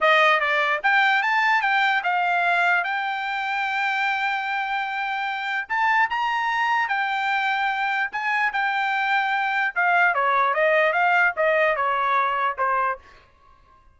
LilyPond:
\new Staff \with { instrumentName = "trumpet" } { \time 4/4 \tempo 4 = 148 dis''4 d''4 g''4 a''4 | g''4 f''2 g''4~ | g''1~ | g''2 a''4 ais''4~ |
ais''4 g''2. | gis''4 g''2. | f''4 cis''4 dis''4 f''4 | dis''4 cis''2 c''4 | }